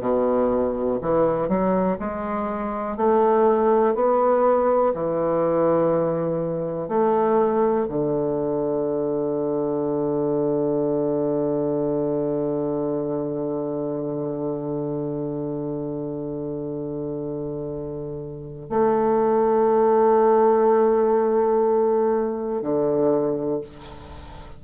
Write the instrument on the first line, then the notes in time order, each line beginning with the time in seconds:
bassoon
0.00 B2
1.01 E3
1.48 F#3
1.99 G#3
2.96 A3
3.94 B3
4.94 E3
6.88 A3
7.88 D3
18.69 A3
22.61 D3